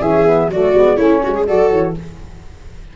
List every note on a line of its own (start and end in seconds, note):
0.00 0.48 E3
0.00 0.25 C#4
0.00 0.49 G#4
0.00 0.51 E5
0.26 0.50 B3
0.48 0.72 F#3
0.48 0.75 A3
0.48 0.97 F#4
0.48 0.97 D5
0.74 0.98 G#3
0.74 0.98 B3
0.97 1.22 A3
0.97 1.45 C#4
0.97 1.21 E4
0.97 1.45 C#5
1.23 1.50 G#3
1.23 1.35 F#4
1.35 1.47 G#4
1.45 1.71 F#3
1.45 1.94 F#4
1.45 1.96 A4
1.45 1.69 D5
1.69 1.96 E3
1.69 1.94 C#5